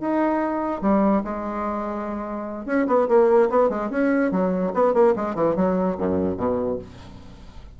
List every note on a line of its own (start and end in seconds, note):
0.00 0.81 D#4
0.81 1.22 G3
1.24 2.65 G#3
2.65 2.86 C#4
2.87 3.07 B3
3.08 3.49 A#3
3.49 3.69 B3
3.69 3.90 G#3
3.90 4.31 C#4
4.31 4.72 F#3
4.74 4.93 B3
4.93 5.14 A#3
5.16 5.35 G#3
5.35 5.55 E3
5.56 5.97 F#3
5.97 6.37 F#2
6.37 6.78 B2